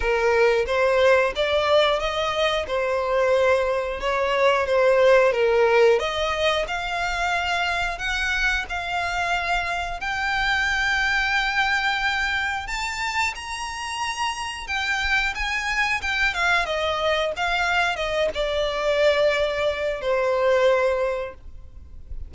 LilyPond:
\new Staff \with { instrumentName = "violin" } { \time 4/4 \tempo 4 = 90 ais'4 c''4 d''4 dis''4 | c''2 cis''4 c''4 | ais'4 dis''4 f''2 | fis''4 f''2 g''4~ |
g''2. a''4 | ais''2 g''4 gis''4 | g''8 f''8 dis''4 f''4 dis''8 d''8~ | d''2 c''2 | }